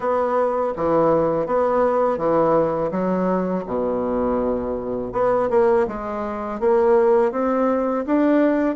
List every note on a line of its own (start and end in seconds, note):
0.00 0.73 B3
0.76 1.46 E3
1.46 2.17 B3
2.17 2.90 E3
2.91 3.64 F#3
3.66 5.12 B2
5.12 5.49 B3
5.50 5.86 A#3
5.87 6.60 G#3
6.60 7.31 A#3
7.31 8.04 C4
8.06 8.75 D4